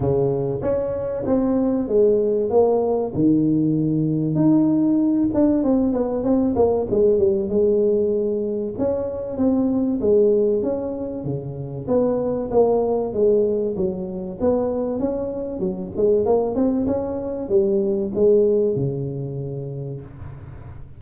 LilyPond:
\new Staff \with { instrumentName = "tuba" } { \time 4/4 \tempo 4 = 96 cis4 cis'4 c'4 gis4 | ais4 dis2 dis'4~ | dis'8 d'8 c'8 b8 c'8 ais8 gis8 g8 | gis2 cis'4 c'4 |
gis4 cis'4 cis4 b4 | ais4 gis4 fis4 b4 | cis'4 fis8 gis8 ais8 c'8 cis'4 | g4 gis4 cis2 | }